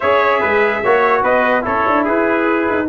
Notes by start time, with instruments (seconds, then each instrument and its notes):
0.00 tuba C#4, trombone G#4, trumpet C#5 E5
0.40 tuba G#3, trumpet B4
0.83 tuba A#3, trombone F#4, trumpet C#5
1.22 tuba B3, trumpet B4 D#5
1.61 tuba C#4, trombone E4, trumpet A4 C#5
1.87 tuba D4
2.04 tuba E4, trumpet G#4 B4
2.69 tuba D#4